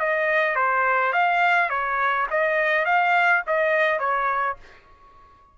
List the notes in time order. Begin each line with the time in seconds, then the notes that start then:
0.00 D#5
0.56 C5
1.13 F5
1.70 C#5
2.30 D#5
2.85 F5
3.47 D#5
3.99 C#5